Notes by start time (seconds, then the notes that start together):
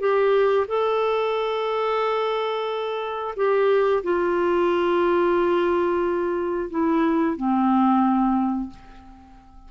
0.00 G4
0.68 A4
3.36 G4
4.03 F4
6.70 E4
7.37 C4